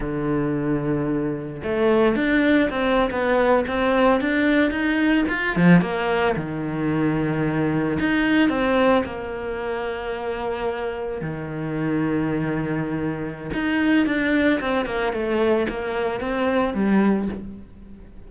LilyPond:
\new Staff \with { instrumentName = "cello" } { \time 4/4 \tempo 4 = 111 d2. a4 | d'4 c'8. b4 c'4 d'16~ | d'8. dis'4 f'8 f8 ais4 dis16~ | dis2~ dis8. dis'4 c'16~ |
c'8. ais2.~ ais16~ | ais8. dis2.~ dis16~ | dis4 dis'4 d'4 c'8 ais8 | a4 ais4 c'4 g4 | }